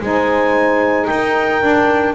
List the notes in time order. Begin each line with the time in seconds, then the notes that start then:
0.00 G#3 D#4 C5 G#5
1.06 D#4 A#4 G5
1.60 D4